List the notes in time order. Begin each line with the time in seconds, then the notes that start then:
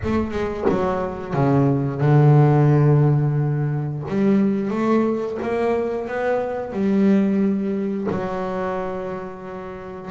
0.04 A3
0.31 G#3
0.69 F#3
1.33 C#3
2.00 D3
4.08 G3
4.70 A3
5.41 A#3
6.07 B3
6.72 G3
8.10 F#3